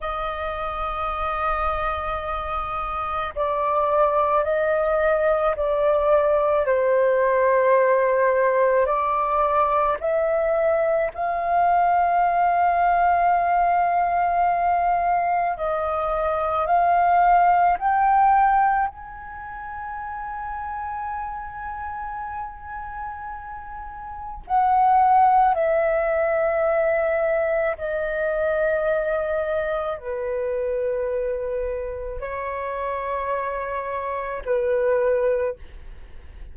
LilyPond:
\new Staff \with { instrumentName = "flute" } { \time 4/4 \tempo 4 = 54 dis''2. d''4 | dis''4 d''4 c''2 | d''4 e''4 f''2~ | f''2 dis''4 f''4 |
g''4 gis''2.~ | gis''2 fis''4 e''4~ | e''4 dis''2 b'4~ | b'4 cis''2 b'4 | }